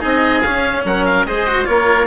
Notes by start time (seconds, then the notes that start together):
0.00 C4 D#4 G#4 D#5
0.42 C#4 F5
0.85 F#3 A#4 F#5
1.06 F5
1.26 G#3 G#4 C5 D#5
1.48 F#4
1.66 A#3 F4 A#4 C#5